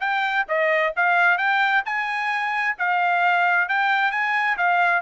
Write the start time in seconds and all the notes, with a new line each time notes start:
0.00 G5
0.48 D#5
0.96 F5
1.37 G5
1.85 G#5
2.78 F5
3.68 G5
4.11 G#5
4.57 F5